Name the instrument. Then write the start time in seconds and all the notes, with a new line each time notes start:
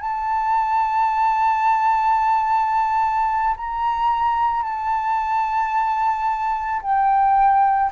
flute
0.00 A5
3.57 A#5
4.63 A5
6.81 G5